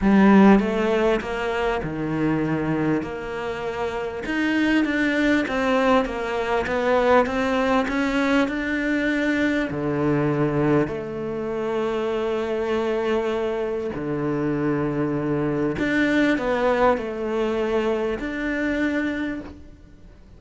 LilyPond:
\new Staff \with { instrumentName = "cello" } { \time 4/4 \tempo 4 = 99 g4 a4 ais4 dis4~ | dis4 ais2 dis'4 | d'4 c'4 ais4 b4 | c'4 cis'4 d'2 |
d2 a2~ | a2. d4~ | d2 d'4 b4 | a2 d'2 | }